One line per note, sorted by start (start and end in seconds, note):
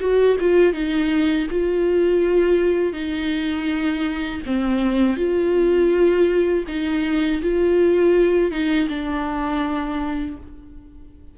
0.00 0.37 F#4
0.40 0.73 F4
0.73 1.47 D#4
1.51 2.93 F4
2.93 4.41 D#4
4.46 5.17 C4
5.17 6.65 F4
6.68 7.42 D#4
7.42 8.52 F4
8.52 8.89 D#4
8.89 10.37 D4